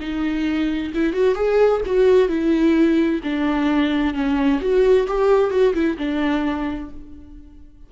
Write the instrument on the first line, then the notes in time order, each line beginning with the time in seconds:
viola
0.00 D#4
0.94 E4
1.13 F#4
1.35 G#4
1.85 F#4
2.28 E4
3.23 D4
4.14 C#4
4.60 F#4
5.07 G4
5.50 F#4
5.74 E4
5.97 D4